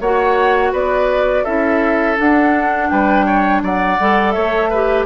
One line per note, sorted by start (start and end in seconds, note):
0.00 0.72 A#3
0.00 1.46 F#4
0.00 0.72 C#5
0.00 0.73 F#5
0.72 1.45 B3
0.72 1.44 B4
0.72 1.44 D5
1.44 2.18 C#4
1.44 2.17 E4
1.44 2.88 A4
1.44 2.17 E5
2.17 3.97 D4
2.17 2.91 D4
2.17 2.89 F#5
2.89 3.63 G3
2.89 3.26 B4
2.89 3.61 G5
3.26 3.62 C#5
3.63 3.99 F#3
3.63 4.34 D5
3.63 4.31 F#5
4.00 4.36 G3
4.00 4.72 A4
4.31 5.06 A3
4.31 4.69 C#5
4.31 5.04 E5
4.69 5.06 G4
4.69 5.06 B4